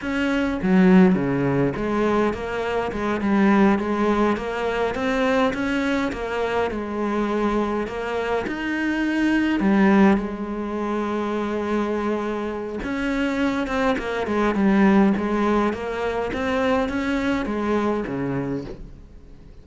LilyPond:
\new Staff \with { instrumentName = "cello" } { \time 4/4 \tempo 4 = 103 cis'4 fis4 cis4 gis4 | ais4 gis8 g4 gis4 ais8~ | ais8 c'4 cis'4 ais4 gis8~ | gis4. ais4 dis'4.~ |
dis'8 g4 gis2~ gis8~ | gis2 cis'4. c'8 | ais8 gis8 g4 gis4 ais4 | c'4 cis'4 gis4 cis4 | }